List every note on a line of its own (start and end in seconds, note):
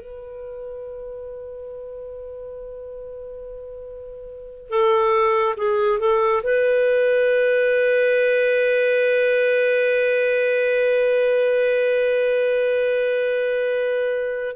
0.00 4.69 B4
4.69 5.55 A4
5.57 6.00 G#4
6.00 6.42 A4
6.43 14.56 B4